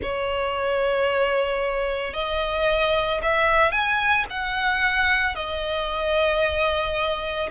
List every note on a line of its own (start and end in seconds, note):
0.02 2.13 C#5
2.13 3.20 D#5
3.22 3.71 E5
3.71 4.25 G#5
4.30 5.35 F#5
5.35 7.49 D#5